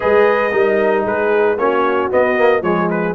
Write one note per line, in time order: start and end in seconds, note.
0.00 0.53 G#3
0.00 0.50 G#4
0.00 0.52 B4
0.00 1.05 D#5
0.52 1.05 G3
0.52 1.57 D#4
0.52 1.03 A#4
1.03 1.57 G#3
1.03 1.55 G#4
1.03 1.58 B4
1.57 2.10 A#3
1.57 2.11 C#4
1.57 2.62 F#4
1.57 2.10 C#5
2.11 2.37 B3
2.11 2.61 B3
2.11 2.62 D#5
2.37 2.62 A#3
2.61 3.14 F3
2.61 3.15 G#3
2.61 3.15 G#4
2.61 2.89 C#5
2.90 3.15 B4